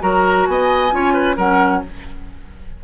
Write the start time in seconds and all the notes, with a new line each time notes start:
0.00 F#3 F#4 A#4 A#5
0.46 B3 D#5 G#5
0.91 C#4 F4 C#5
1.14 B4
1.37 F#3 C#4 A#4 F#5